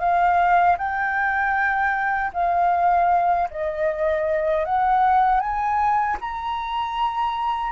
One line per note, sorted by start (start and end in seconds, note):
0.00 0.77 F5
0.78 2.32 G5
2.34 3.49 F5
3.51 4.65 D#5
4.65 5.41 F#5
5.41 6.17 G#5
6.21 7.72 A#5